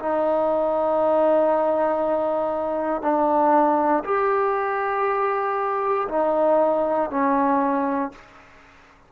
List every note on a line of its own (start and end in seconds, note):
0.00 3.02 D#4
3.02 4.04 D4
4.05 6.08 G4
6.09 7.10 D#4
7.10 8.12 C#4